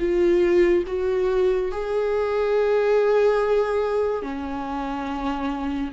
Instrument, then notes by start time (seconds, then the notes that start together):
viola
0.00 F4
0.88 F#4
1.72 G#4
4.23 C#4